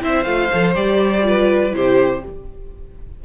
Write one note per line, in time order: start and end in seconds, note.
0.00 0.24 C4
0.00 0.25 E4
0.00 1.26 C5
0.00 0.23 E5
0.23 0.49 A3
0.23 0.50 F4
0.23 0.73 F5
0.52 0.75 F3
0.52 0.74 A4
0.74 1.73 G3
0.74 1.22 G4
0.74 1.73 D5
1.22 1.71 F4
1.22 1.75 B4
1.71 2.22 C3
1.71 2.20 E4
1.71 2.24 G4
1.71 2.24 C5